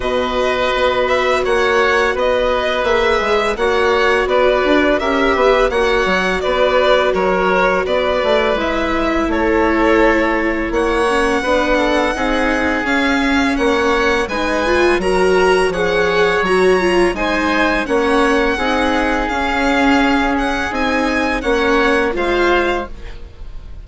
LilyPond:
<<
  \new Staff \with { instrumentName = "violin" } { \time 4/4 \tempo 4 = 84 dis''4. e''8 fis''4 dis''4 | e''4 fis''4 d''4 e''4 | fis''4 d''4 cis''4 d''4 | e''4 cis''2 fis''4~ |
fis''2 f''4 fis''4 | gis''4 ais''4 fis''4 ais''4 | gis''4 fis''2 f''4~ | f''8 fis''8 gis''4 fis''4 f''4 | }
  \new Staff \with { instrumentName = "oboe" } { \time 4/4 b'2 cis''4 b'4~ | b'4 cis''4 b'4 ais'8 b'8 | cis''4 b'4 ais'4 b'4~ | b'4 a'2 cis''4 |
b'8 a'8 gis'2 cis''4 | b'4 ais'4 cis''2 | c''4 cis''4 gis'2~ | gis'2 cis''4 c''4 | }
  \new Staff \with { instrumentName = "viola" } { \time 4/4 fis'1 | gis'4 fis'2 g'4 | fis'1 | e'2.~ e'8 cis'8 |
d'4 dis'4 cis'2 | dis'8 f'8 fis'4 gis'4 fis'8 f'8 | dis'4 cis'4 dis'4 cis'4~ | cis'4 dis'4 cis'4 f'4 | }
  \new Staff \with { instrumentName = "bassoon" } { \time 4/4 b,4 b4 ais4 b4 | ais8 gis8 ais4 b8 d'8 cis'8 b8 | ais8 fis8 b4 fis4 b8 a8 | gis4 a2 ais4 |
b4 c'4 cis'4 ais4 | gis4 fis4 f4 fis4 | gis4 ais4 c'4 cis'4~ | cis'4 c'4 ais4 gis4 | }
>>